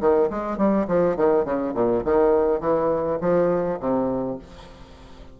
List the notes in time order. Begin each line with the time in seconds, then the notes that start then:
0.00 D#3
0.30 G#3
0.57 G3
0.87 F3
1.16 D#3
1.44 C#3
1.74 A#2
2.04 D#3
2.60 E3
3.20 F3
3.80 C3